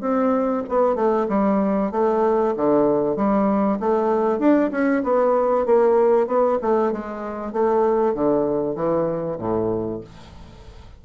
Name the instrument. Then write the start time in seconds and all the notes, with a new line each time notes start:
bassoon
0.00 C4
0.69 B3
0.95 A3
1.28 G3
1.91 A3
2.56 D3
3.16 G3
3.80 A3
4.39 D4
4.71 C#4
5.03 B3
5.66 A#3
6.26 B3
6.61 A3
6.92 G#3
7.52 A3
8.14 D3
8.75 E3
9.38 A2